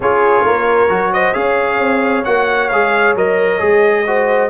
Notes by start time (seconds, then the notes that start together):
0.00 C#4 F4 G#4 C#5
0.44 A#3 A#4
0.88 F#3 F#4
1.13 C5 D#5
1.33 C#4 G#4 C#5 F5
1.78 C4
2.24 A#3 F#4 F#5
2.69 G#3 G#4 F5
3.15 F#3 A#4 D#5
3.59 G#3 G#4
4.06 F#4 C5